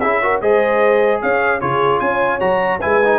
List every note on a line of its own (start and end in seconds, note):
0.00 0.42 C#4
0.00 0.23 E4
0.00 0.22 G#4
0.00 0.40 E5
0.22 0.42 F#4
0.22 0.42 A#4
0.41 1.22 G#3
0.41 1.61 G#4
0.41 1.22 C5
0.41 1.21 D#5
1.22 1.62 C#4
1.22 1.61 C#5
1.22 1.61 F5
1.61 2.01 C#3
1.61 2.40 F4
1.61 2.01 G#4
1.61 2.00 C#5
2.00 2.41 C#4
2.00 2.81 C#5
2.00 2.40 G#5
2.40 2.82 F#3
2.40 2.80 F#4
2.40 2.80 A#5
2.81 3.19 G#3
2.81 3.01 E4
2.81 3.19 B4
2.81 3.19 G#5
3.05 3.19 D#4